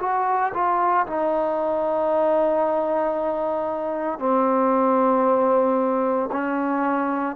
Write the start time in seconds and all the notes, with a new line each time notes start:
0.00 F#4
0.54 F4
1.06 D#4
4.19 C4
6.32 C#4